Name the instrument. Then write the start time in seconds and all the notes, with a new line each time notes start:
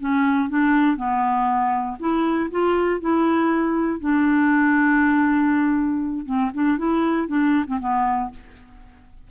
clarinet
0.00 C#4
0.50 D4
0.96 B3
2.00 E4
2.51 F4
3.01 E4
4.00 D4
6.26 C4
6.54 D4
6.78 E4
7.28 D4
7.67 C4
7.80 B3